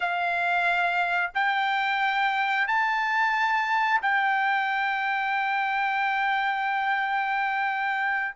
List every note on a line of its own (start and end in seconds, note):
0.00 1.31 F5
1.34 2.67 G5
2.67 4.01 A5
4.02 8.35 G5